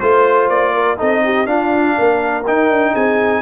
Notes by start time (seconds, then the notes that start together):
0.00 A3 F4 C5
0.49 A#3 D5
0.74 A#4
0.97 C4 D#4 A4 D#5
1.25 G4
1.46 D4 F4 F5
1.98 A#3 A#4
2.47 D#4 G5
2.70 D4
2.93 C4 G#4 G#5